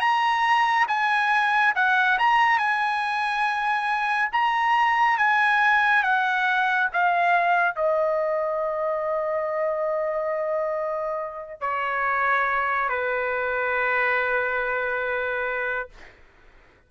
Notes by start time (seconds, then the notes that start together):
0.00 A#5
0.88 G#5
1.75 F#5
2.18 A#5
2.58 G#5
4.32 A#5
5.18 G#5
6.03 F#5
6.93 F5
7.75 D#5
11.61 C#5
12.89 B4